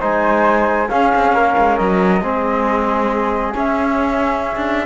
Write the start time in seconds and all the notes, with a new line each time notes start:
0.00 G#3 D#4 C5 G#5
0.89 C#4 G#4 F5
1.15 C4
1.32 A#3 A#4
1.58 G#3
1.77 F#3 D#5
2.21 G#3 C4 G#4
3.54 C#4 E5
4.56 D4